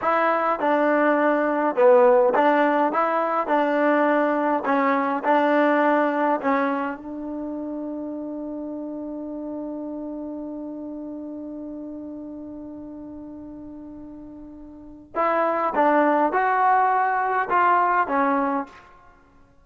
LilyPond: \new Staff \with { instrumentName = "trombone" } { \time 4/4 \tempo 4 = 103 e'4 d'2 b4 | d'4 e'4 d'2 | cis'4 d'2 cis'4 | d'1~ |
d'1~ | d'1~ | d'2 e'4 d'4 | fis'2 f'4 cis'4 | }